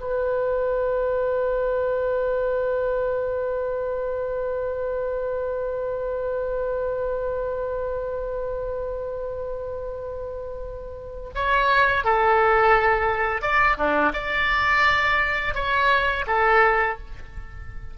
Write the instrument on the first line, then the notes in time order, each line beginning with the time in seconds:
oboe
0.00 B4
11.35 C#5
12.04 A4
13.41 D5
13.77 D4
14.13 D5
15.54 C#5
16.27 A4